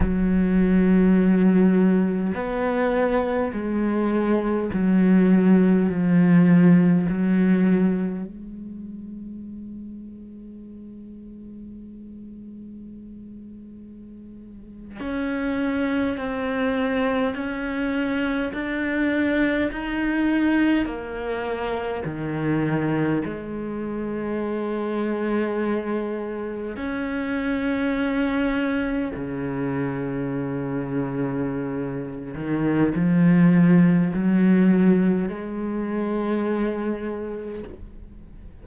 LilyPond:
\new Staff \with { instrumentName = "cello" } { \time 4/4 \tempo 4 = 51 fis2 b4 gis4 | fis4 f4 fis4 gis4~ | gis1~ | gis8. cis'4 c'4 cis'4 d'16~ |
d'8. dis'4 ais4 dis4 gis16~ | gis2~ gis8. cis'4~ cis'16~ | cis'8. cis2~ cis8. dis8 | f4 fis4 gis2 | }